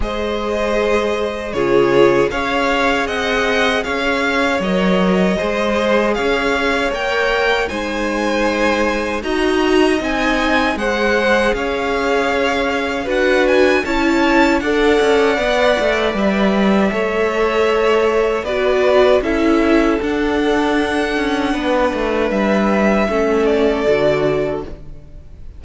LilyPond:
<<
  \new Staff \with { instrumentName = "violin" } { \time 4/4 \tempo 4 = 78 dis''2 cis''4 f''4 | fis''4 f''4 dis''2 | f''4 g''4 gis''2 | ais''4 gis''4 fis''4 f''4~ |
f''4 fis''8 gis''8 a''4 fis''4~ | fis''4 e''2. | d''4 e''4 fis''2~ | fis''4 e''4. d''4. | }
  \new Staff \with { instrumentName = "violin" } { \time 4/4 c''2 gis'4 cis''4 | dis''4 cis''2 c''4 | cis''2 c''2 | dis''2 c''4 cis''4~ |
cis''4 b'4 cis''4 d''4~ | d''2 cis''2 | b'4 a'2. | b'2 a'2 | }
  \new Staff \with { instrumentName = "viola" } { \time 4/4 gis'2 f'4 gis'4~ | gis'2 ais'4 gis'4~ | gis'4 ais'4 dis'2 | fis'4 dis'4 gis'2~ |
gis'4 fis'4 e'4 a'4 | b'2 a'2 | fis'4 e'4 d'2~ | d'2 cis'4 fis'4 | }
  \new Staff \with { instrumentName = "cello" } { \time 4/4 gis2 cis4 cis'4 | c'4 cis'4 fis4 gis4 | cis'4 ais4 gis2 | dis'4 c'4 gis4 cis'4~ |
cis'4 d'4 cis'4 d'8 cis'8 | b8 a8 g4 a2 | b4 cis'4 d'4. cis'8 | b8 a8 g4 a4 d4 | }
>>